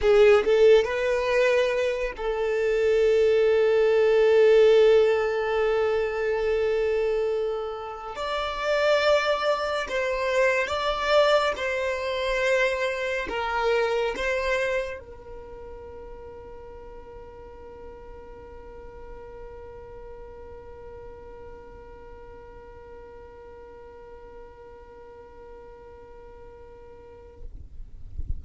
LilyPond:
\new Staff \with { instrumentName = "violin" } { \time 4/4 \tempo 4 = 70 gis'8 a'8 b'4. a'4.~ | a'1~ | a'4. d''2 c''8~ | c''8 d''4 c''2 ais'8~ |
ais'8 c''4 ais'2~ ais'8~ | ais'1~ | ais'1~ | ais'1 | }